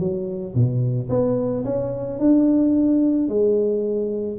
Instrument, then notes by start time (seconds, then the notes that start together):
tuba
0.00 F#3
0.55 B2
1.10 B3
1.65 C#4
2.20 D4
3.29 G#3